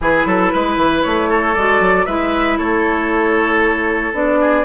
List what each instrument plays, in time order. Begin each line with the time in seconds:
0.00 bassoon E3, clarinet E4, oboe G#4, flute B4
0.25 bassoon F#3, oboe A4
0.52 bassoon G#3, oboe B4
0.77 bassoon E3
1.02 bassoon A3, flute C#5
1.29 oboe A4
1.54 bassoon G#3, clarinet F#4, flute D5
1.80 bassoon F#3
2.05 bassoon G#3, clarinet E4, oboe B4, flute E5
2.57 bassoon A3, oboe A4, flute C#5
4.13 bassoon B3, clarinet D4, flute D5
4.40 oboe G#4